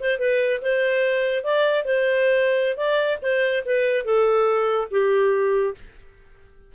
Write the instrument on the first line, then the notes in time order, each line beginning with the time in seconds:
clarinet
0.00 C5
0.19 B4
0.62 C5
1.44 D5
1.85 C5
2.77 D5
3.22 C5
3.66 B4
4.05 A4
4.91 G4